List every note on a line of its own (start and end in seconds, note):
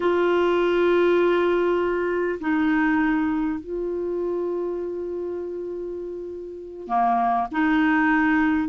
0.00 2.39 F4
2.40 3.59 D#4
3.59 6.87 F4
6.87 7.47 A#3
7.51 8.68 D#4